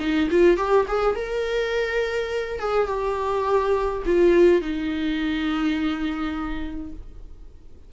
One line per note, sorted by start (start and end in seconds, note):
0.00 0.29 D#4
0.31 0.57 F4
0.57 0.86 G4
0.88 1.15 G#4
1.15 2.59 A#4
2.59 2.88 G#4
2.88 4.03 G4
4.06 4.61 F4
4.61 6.92 D#4